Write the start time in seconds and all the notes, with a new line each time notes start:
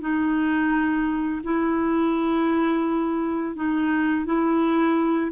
0.00 D#4
1.43 E4
3.55 D#4
4.25 E4